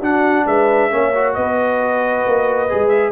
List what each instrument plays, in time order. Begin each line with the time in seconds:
0.00 tuba D4, trombone D4, horn F#4, trumpet F#5
0.45 tuba G#3, horn B4, trumpet E5
0.91 tuba A#3, trombone C#4, horn C#5
1.14 trombone F#4
1.34 tuba B3, horn B4, trumpet D#5
2.27 tuba A#3
2.69 tuba G#3, trombone G#4
2.88 trumpet E5